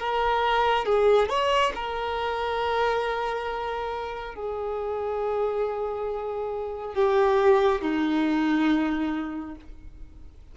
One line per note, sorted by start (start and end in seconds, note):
0.00 0.86 A#4
0.86 1.29 G#4
1.30 1.73 C#5
1.75 4.36 A#4
4.36 6.95 G#4
6.95 7.82 G4
7.82 9.56 D#4